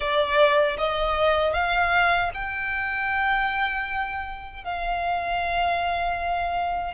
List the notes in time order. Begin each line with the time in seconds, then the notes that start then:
0.00 D5
0.78 D#5
1.53 F5
2.34 G5
4.64 F5